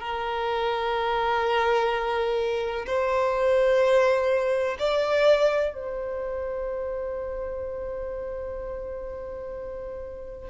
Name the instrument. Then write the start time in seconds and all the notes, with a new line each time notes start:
violin
0.00 A#4
2.87 C5
4.79 D5
5.74 C5